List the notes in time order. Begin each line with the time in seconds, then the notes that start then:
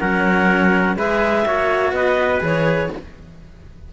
0.00 F#3 C#4 A#4 F#5
0.97 G#3 G#4 B4 E5
1.46 A#3 F#4 C#5
1.93 B3 B4 D#5
2.41 E3 G#4 C#5